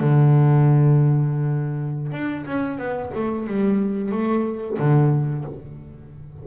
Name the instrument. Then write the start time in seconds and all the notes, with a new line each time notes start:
double bass
0.00 D3
2.12 D4
2.46 C#4
2.78 B3
3.15 A3
3.47 G3
4.12 A3
4.79 D3